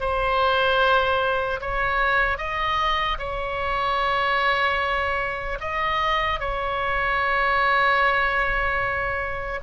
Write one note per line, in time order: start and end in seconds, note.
0.00 1.60 C5
1.60 2.38 C#5
2.38 3.18 D#5
3.19 5.59 C#5
5.60 6.40 D#5
6.40 9.60 C#5